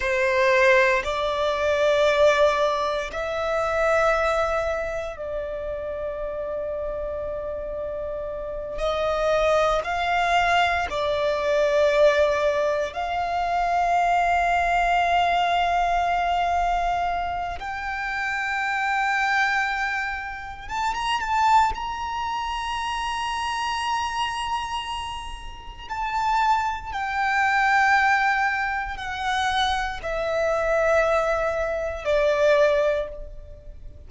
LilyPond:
\new Staff \with { instrumentName = "violin" } { \time 4/4 \tempo 4 = 58 c''4 d''2 e''4~ | e''4 d''2.~ | d''8 dis''4 f''4 d''4.~ | d''8 f''2.~ f''8~ |
f''4 g''2. | a''16 ais''16 a''8 ais''2.~ | ais''4 a''4 g''2 | fis''4 e''2 d''4 | }